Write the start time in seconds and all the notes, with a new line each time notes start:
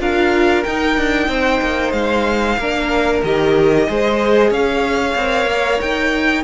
0.00 D4 F4 A#4 F5
0.64 D#4 G5
0.98 D4
1.28 C4 C5
1.62 A#3
1.92 G#3 F5
2.58 A#3 D4 A#4
3.24 D#3 G4 D#5
3.89 G#3 G#4 C5
4.51 C#4 C#5 F5
5.16 C4 A#4
5.46 A#3
5.81 D#4 G5